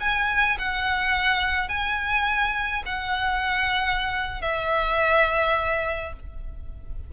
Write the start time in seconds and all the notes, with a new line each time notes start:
0.00 G#5
0.58 F#5
1.69 G#5
2.85 F#5
4.41 E5